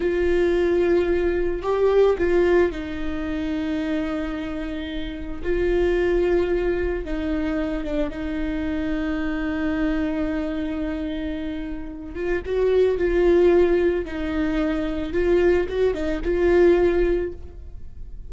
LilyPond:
\new Staff \with { instrumentName = "viola" } { \time 4/4 \tempo 4 = 111 f'2. g'4 | f'4 dis'2.~ | dis'2 f'2~ | f'4 dis'4. d'8 dis'4~ |
dis'1~ | dis'2~ dis'8 f'8 fis'4 | f'2 dis'2 | f'4 fis'8 dis'8 f'2 | }